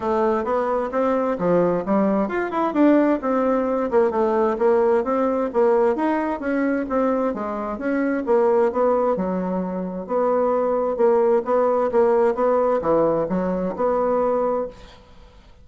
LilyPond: \new Staff \with { instrumentName = "bassoon" } { \time 4/4 \tempo 4 = 131 a4 b4 c'4 f4 | g4 f'8 e'8 d'4 c'4~ | c'8 ais8 a4 ais4 c'4 | ais4 dis'4 cis'4 c'4 |
gis4 cis'4 ais4 b4 | fis2 b2 | ais4 b4 ais4 b4 | e4 fis4 b2 | }